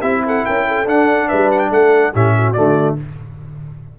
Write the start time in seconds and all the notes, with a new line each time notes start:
0.00 C4 E4 G4 E5
0.26 A4 F#5
0.45 C#4 A#4 G5
0.68 A4
0.85 D4 F#5
1.28 G3 B4 E5
1.51 F#5
1.59 G5
1.70 A3 A4 F#5
2.13 A2 C#4 G4 E5
2.35 F#4
2.53 D3 A3 D5